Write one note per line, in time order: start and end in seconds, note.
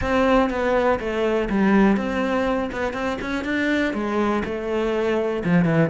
0.01 0.50 C4
0.50 0.99 B3
0.99 1.49 A3
1.49 1.96 G3
1.96 2.70 C4
2.71 2.93 B3
2.93 3.17 C4
3.21 3.44 C#4
3.44 3.93 D4
3.93 4.43 G#3
4.44 5.43 A3
5.44 5.64 F3
5.64 5.89 E3